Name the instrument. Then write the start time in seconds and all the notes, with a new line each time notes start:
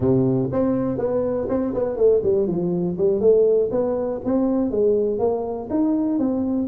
tuba
0.00 C3
0.51 C4
0.98 B3
1.49 C4
1.74 B3
1.96 A3
2.23 G3
2.47 F3
2.97 G3
3.20 A3
3.71 B3
4.24 C4
4.70 G#3
5.19 A#3
5.70 D#4
6.18 C4